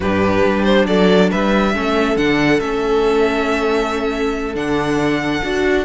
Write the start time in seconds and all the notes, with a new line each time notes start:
0.00 G2 D4 G4 B4
0.44 G3
0.63 C5
0.86 F#3 A4 D5
1.30 G3 B4 E5
1.74 A3 C#4 A4
2.16 D3 D4 F#5
2.60 A3 C#4 E5
4.55 D3 D4 F#5
5.42 D4 F#4